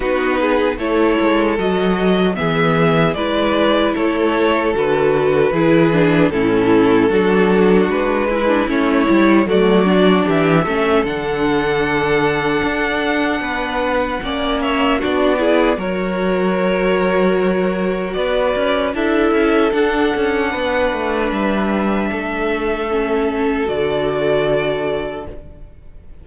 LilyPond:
<<
  \new Staff \with { instrumentName = "violin" } { \time 4/4 \tempo 4 = 76 b'4 cis''4 dis''4 e''4 | d''4 cis''4 b'2 | a'2 b'4 cis''4 | d''4 e''4 fis''2~ |
fis''2~ fis''8 e''8 d''4 | cis''2. d''4 | e''4 fis''2 e''4~ | e''2 d''2 | }
  \new Staff \with { instrumentName = "violin" } { \time 4/4 fis'8 gis'8 a'2 gis'4 | b'4 a'2 gis'4 | e'4 fis'4. e'4. | fis'4 g'8 a'2~ a'8~ |
a'4 b'4 d''8 cis''8 fis'8 gis'8 | ais'2. b'4 | a'2 b'2 | a'1 | }
  \new Staff \with { instrumentName = "viola" } { \time 4/4 dis'4 e'4 fis'4 b4 | e'2 fis'4 e'8 d'8 | cis'4 d'4. e'16 d'16 cis'8 e'8 | a8 d'4 cis'8 d'2~ |
d'2 cis'4 d'8 e'8 | fis'1 | e'4 d'2.~ | d'4 cis'4 fis'2 | }
  \new Staff \with { instrumentName = "cello" } { \time 4/4 b4 a8 gis8 fis4 e4 | gis4 a4 d4 e4 | a,4 fis4 gis4 a8 g8 | fis4 e8 a8 d2 |
d'4 b4 ais4 b4 | fis2. b8 cis'8 | d'8 cis'8 d'8 cis'8 b8 a8 g4 | a2 d2 | }
>>